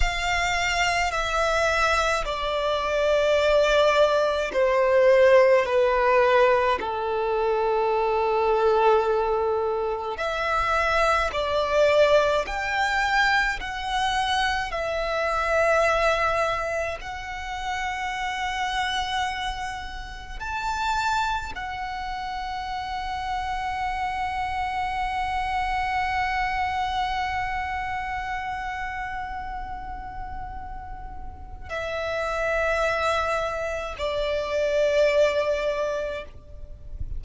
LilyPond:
\new Staff \with { instrumentName = "violin" } { \time 4/4 \tempo 4 = 53 f''4 e''4 d''2 | c''4 b'4 a'2~ | a'4 e''4 d''4 g''4 | fis''4 e''2 fis''4~ |
fis''2 a''4 fis''4~ | fis''1~ | fis''1 | e''2 d''2 | }